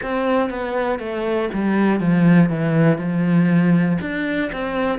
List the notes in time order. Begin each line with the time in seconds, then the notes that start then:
0.02 C4
0.50 B3
0.99 A3
1.53 G3
2.00 F3
2.49 E3
2.97 F3
4.01 D4
4.52 C4